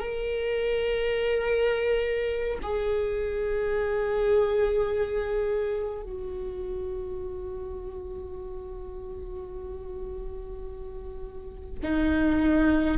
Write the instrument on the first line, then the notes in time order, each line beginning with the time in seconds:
viola
0.00 A#4
2.63 G#4
6.03 F#4
11.83 D#4